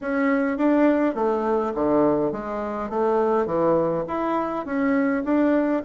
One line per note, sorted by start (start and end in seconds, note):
0.01 0.57 C#4
0.57 1.14 D4
1.14 1.73 A3
1.74 2.32 D3
2.32 2.89 G#3
2.89 3.46 A3
3.46 4.04 E3
4.07 4.65 E4
4.65 5.23 C#4
5.24 5.82 D4